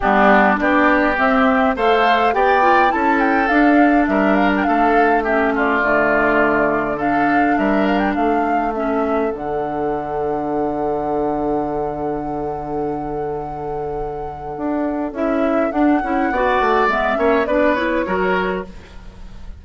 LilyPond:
<<
  \new Staff \with { instrumentName = "flute" } { \time 4/4 \tempo 4 = 103 g'4 d''4 e''4 f''4 | g''4 a''8 g''8 f''4 e''8 f''16 g''16 | f''4 e''8 d''2~ d''8 | f''4 e''8 f''16 g''16 f''4 e''4 |
fis''1~ | fis''1~ | fis''2 e''4 fis''4~ | fis''4 e''4 d''8 cis''4. | }
  \new Staff \with { instrumentName = "oboe" } { \time 4/4 d'4 g'2 c''4 | d''4 a'2 ais'4 | a'4 g'8 f'2~ f'8 | a'4 ais'4 a'2~ |
a'1~ | a'1~ | a'1 | d''4. cis''8 b'4 ais'4 | }
  \new Staff \with { instrumentName = "clarinet" } { \time 4/4 b4 d'4 c'4 a'4 | g'8 f'8 e'4 d'2~ | d'4 cis'4 a2 | d'2. cis'4 |
d'1~ | d'1~ | d'2 e'4 d'8 e'8 | fis'4 b8 cis'8 d'8 e'8 fis'4 | }
  \new Staff \with { instrumentName = "bassoon" } { \time 4/4 g4 b4 c'4 a4 | b4 cis'4 d'4 g4 | a2 d2~ | d4 g4 a2 |
d1~ | d1~ | d4 d'4 cis'4 d'8 cis'8 | b8 a8 gis8 ais8 b4 fis4 | }
>>